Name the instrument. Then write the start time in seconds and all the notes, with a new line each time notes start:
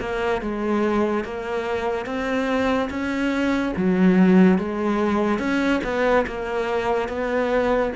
cello
0.00 A#3
0.41 G#3
1.25 A#3
2.06 C4
2.90 C#4
3.77 F#3
4.58 G#3
5.39 C#4
5.84 B3
6.27 A#3
7.09 B3